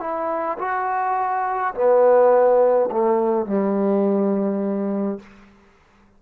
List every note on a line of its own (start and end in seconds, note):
0.00 0.58 E4
0.59 1.74 F#4
1.75 2.90 B3
2.92 3.46 A3
3.46 5.19 G3